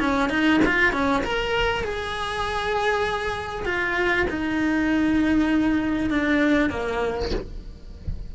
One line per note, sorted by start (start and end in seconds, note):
0.00 0.29 C#4
0.29 0.60 D#4
0.65 0.93 F4
0.93 1.23 C#4
1.24 1.84 A#4
1.84 3.66 G#4
3.66 4.27 F4
4.30 6.10 D#4
6.10 6.70 D4
6.70 7.31 A#3